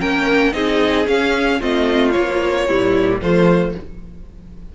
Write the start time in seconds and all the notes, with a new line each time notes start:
0.00 A#3 C#4 A#4 G5
0.53 C4 D#4 G#4 D#5
1.06 C#4 F5
1.60 A3 C4 F4 D#5
2.12 F3 A#3 C#5
2.68 A#2 G3 E4
3.22 F3 A3 F4 C5